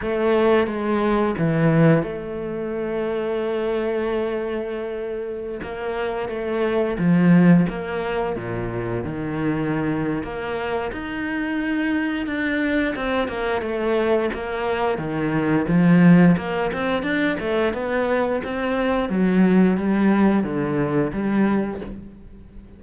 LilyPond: \new Staff \with { instrumentName = "cello" } { \time 4/4 \tempo 4 = 88 a4 gis4 e4 a4~ | a1~ | a16 ais4 a4 f4 ais8.~ | ais16 ais,4 dis4.~ dis16 ais4 |
dis'2 d'4 c'8 ais8 | a4 ais4 dis4 f4 | ais8 c'8 d'8 a8 b4 c'4 | fis4 g4 d4 g4 | }